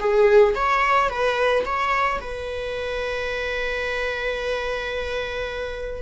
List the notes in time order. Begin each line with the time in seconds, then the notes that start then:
0.00 G#4
0.56 C#5
1.10 B4
1.66 C#5
2.21 B4